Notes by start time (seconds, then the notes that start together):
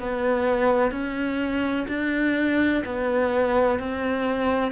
0.00 B3
0.91 C#4
1.88 D4
2.85 B3
3.79 C4